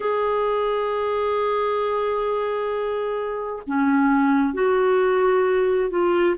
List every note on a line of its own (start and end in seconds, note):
0.00 3.62 G#4
3.67 4.53 C#4
4.53 5.90 F#4
5.90 6.35 F4